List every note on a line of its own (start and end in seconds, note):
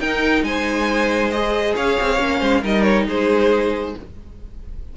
0.00 0.43 D#4
0.00 1.33 D#4
0.00 0.45 A#4
0.00 0.44 G5
0.43 1.74 G#3
0.43 1.75 C5
0.43 1.31 G#5
1.31 2.19 G#4
1.31 1.75 D#5
1.75 1.98 C#4
1.75 2.40 C#5
1.75 2.64 F5
2.00 2.19 C4
2.19 2.41 A#3
2.19 2.62 C#4
2.40 2.63 G#3
2.40 2.62 C5
2.63 3.07 G3
2.63 3.95 D#4
2.63 3.07 A#4
2.63 2.83 D#5
2.83 3.05 C#5
3.07 3.95 G#3
3.07 3.96 G#4
3.07 3.97 C5